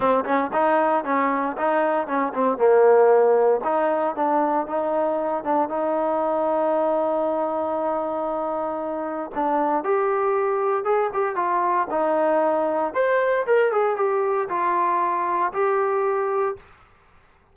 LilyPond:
\new Staff \with { instrumentName = "trombone" } { \time 4/4 \tempo 4 = 116 c'8 cis'8 dis'4 cis'4 dis'4 | cis'8 c'8 ais2 dis'4 | d'4 dis'4. d'8 dis'4~ | dis'1~ |
dis'2 d'4 g'4~ | g'4 gis'8 g'8 f'4 dis'4~ | dis'4 c''4 ais'8 gis'8 g'4 | f'2 g'2 | }